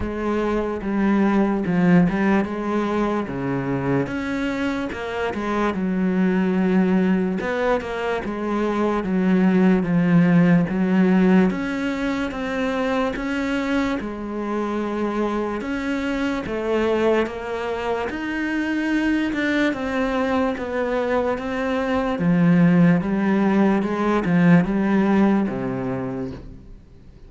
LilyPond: \new Staff \with { instrumentName = "cello" } { \time 4/4 \tempo 4 = 73 gis4 g4 f8 g8 gis4 | cis4 cis'4 ais8 gis8 fis4~ | fis4 b8 ais8 gis4 fis4 | f4 fis4 cis'4 c'4 |
cis'4 gis2 cis'4 | a4 ais4 dis'4. d'8 | c'4 b4 c'4 f4 | g4 gis8 f8 g4 c4 | }